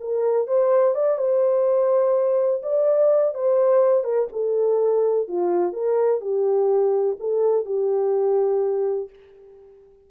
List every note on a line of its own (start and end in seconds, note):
0.00 0.47 A#4
0.47 0.94 C5
0.94 1.18 D5
1.18 2.62 C5
2.62 3.34 D5
3.34 4.04 C5
4.04 4.28 A#4
4.32 5.28 A4
5.28 5.73 F4
5.73 6.21 A#4
6.21 7.17 G4
7.19 7.65 A4
7.65 9.09 G4